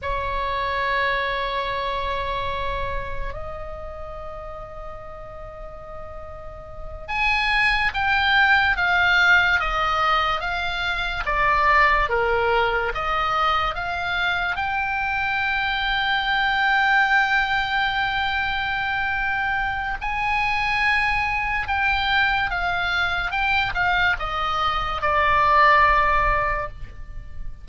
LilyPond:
\new Staff \with { instrumentName = "oboe" } { \time 4/4 \tempo 4 = 72 cis''1 | dis''1~ | dis''8 gis''4 g''4 f''4 dis''8~ | dis''8 f''4 d''4 ais'4 dis''8~ |
dis''8 f''4 g''2~ g''8~ | g''1 | gis''2 g''4 f''4 | g''8 f''8 dis''4 d''2 | }